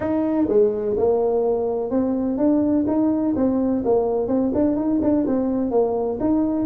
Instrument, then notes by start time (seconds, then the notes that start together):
tuba
0.00 D#4
0.48 G#3
0.97 A#3
1.90 C4
2.37 D4
2.87 D#4
3.36 C4
3.84 A#3
4.27 C4
4.54 D4
4.76 D#4
5.02 D4
5.26 C4
5.70 A#3
6.20 D#4